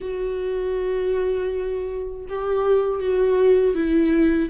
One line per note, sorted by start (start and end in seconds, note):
0.00 2.25 F#4
2.28 3.00 G4
3.00 3.74 F#4
3.74 4.49 E4